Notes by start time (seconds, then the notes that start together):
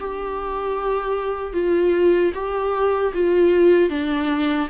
0.00 G4
1.54 F4
2.34 G4
3.14 F4
3.90 D4